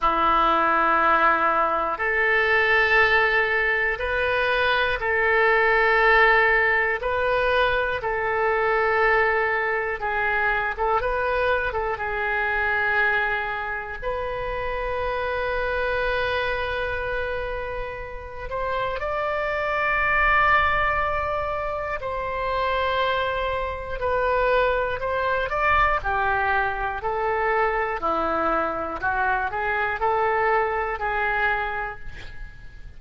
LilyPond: \new Staff \with { instrumentName = "oboe" } { \time 4/4 \tempo 4 = 60 e'2 a'2 | b'4 a'2 b'4 | a'2 gis'8. a'16 b'8. a'16 | gis'2 b'2~ |
b'2~ b'8 c''8 d''4~ | d''2 c''2 | b'4 c''8 d''8 g'4 a'4 | e'4 fis'8 gis'8 a'4 gis'4 | }